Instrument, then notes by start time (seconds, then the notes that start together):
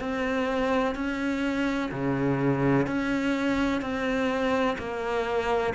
cello
0.00 C4
0.95 C#4
1.91 C#3
2.87 C#4
3.81 C4
4.78 A#3